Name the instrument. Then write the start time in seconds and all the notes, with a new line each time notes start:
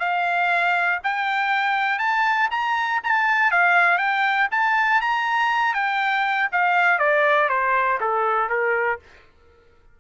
trumpet
0.00 F5
1.04 G5
1.99 A5
2.51 A#5
3.04 A5
3.52 F5
3.98 G5
4.52 A5
5.02 A#5
5.75 G5
6.52 F5
6.99 D5
7.50 C5
8.01 A4
8.50 A#4